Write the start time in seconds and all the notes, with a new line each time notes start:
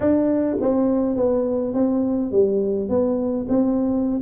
0.00 D4
0.61 C4
1.16 B3
1.74 C4
2.31 G3
2.89 B3
3.49 C4